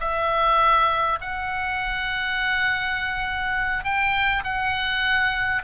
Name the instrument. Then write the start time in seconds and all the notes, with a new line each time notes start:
oboe
0.00 E5
1.21 F#5
3.84 G5
4.44 F#5